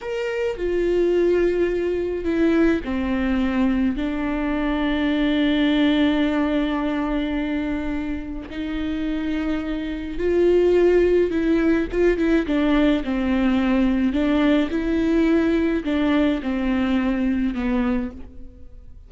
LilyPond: \new Staff \with { instrumentName = "viola" } { \time 4/4 \tempo 4 = 106 ais'4 f'2. | e'4 c'2 d'4~ | d'1~ | d'2. dis'4~ |
dis'2 f'2 | e'4 f'8 e'8 d'4 c'4~ | c'4 d'4 e'2 | d'4 c'2 b4 | }